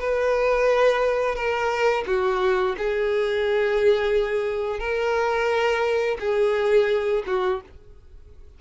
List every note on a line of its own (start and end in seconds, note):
0.00 1.36 B4
1.36 2.05 A#4
2.07 2.76 F#4
2.78 4.80 G#4
4.80 6.18 A#4
6.20 7.24 G#4
7.27 7.61 F#4